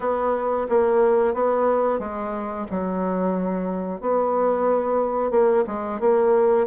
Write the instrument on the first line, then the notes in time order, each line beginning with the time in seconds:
bassoon
0.00 B3
0.69 A#3
1.34 B3
1.99 G#3
2.70 F#3
4.00 B3
5.30 A#3
5.67 G#3
6.00 A#3